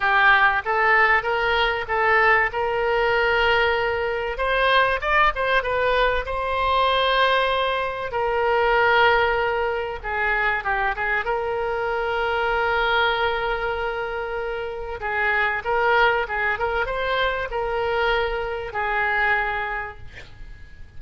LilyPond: \new Staff \with { instrumentName = "oboe" } { \time 4/4 \tempo 4 = 96 g'4 a'4 ais'4 a'4 | ais'2. c''4 | d''8 c''8 b'4 c''2~ | c''4 ais'2. |
gis'4 g'8 gis'8 ais'2~ | ais'1 | gis'4 ais'4 gis'8 ais'8 c''4 | ais'2 gis'2 | }